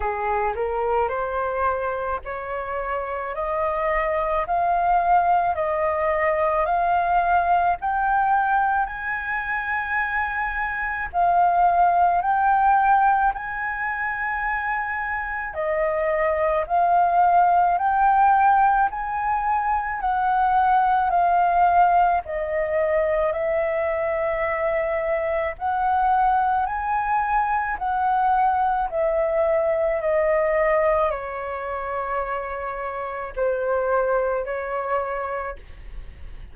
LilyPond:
\new Staff \with { instrumentName = "flute" } { \time 4/4 \tempo 4 = 54 gis'8 ais'8 c''4 cis''4 dis''4 | f''4 dis''4 f''4 g''4 | gis''2 f''4 g''4 | gis''2 dis''4 f''4 |
g''4 gis''4 fis''4 f''4 | dis''4 e''2 fis''4 | gis''4 fis''4 e''4 dis''4 | cis''2 c''4 cis''4 | }